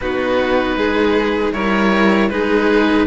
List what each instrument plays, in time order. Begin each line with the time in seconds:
0.00 cello B3 D#4, violin F#4, oboe B4
0.76 cello G#3, violin G#4
1.52 cello G3 E4, violin A#4, oboe C#5
2.29 cello G#3 D#4, violin G#4, oboe B4